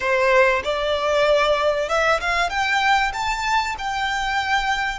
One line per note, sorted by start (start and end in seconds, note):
0.00 0.62 C5
0.64 1.88 D5
1.88 2.20 E5
2.20 2.49 F5
2.49 3.12 G5
3.13 3.75 A5
3.78 4.99 G5